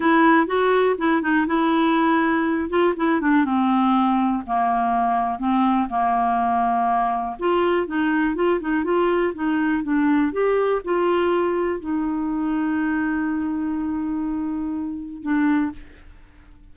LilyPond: \new Staff \with { instrumentName = "clarinet" } { \time 4/4 \tempo 4 = 122 e'4 fis'4 e'8 dis'8 e'4~ | e'4. f'8 e'8 d'8 c'4~ | c'4 ais2 c'4 | ais2. f'4 |
dis'4 f'8 dis'8 f'4 dis'4 | d'4 g'4 f'2 | dis'1~ | dis'2. d'4 | }